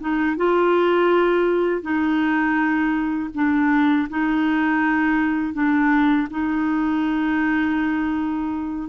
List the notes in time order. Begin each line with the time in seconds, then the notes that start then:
0.00 D#4
0.36 F4
1.81 D#4
3.34 D4
4.09 D#4
5.54 D4
6.30 D#4